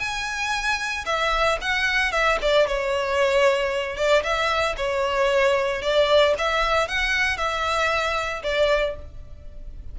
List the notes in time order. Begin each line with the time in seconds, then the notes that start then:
0.00 G#5
1.06 E5
1.61 F#5
2.12 E5
2.42 D5
2.67 C#5
3.97 D5
4.23 E5
4.77 C#5
5.82 D5
6.38 E5
6.88 F#5
7.38 E5
8.43 D5